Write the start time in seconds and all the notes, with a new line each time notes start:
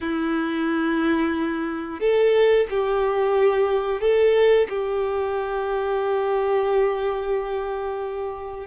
0.01 E4
2.00 A4
2.69 G4
4.01 A4
4.69 G4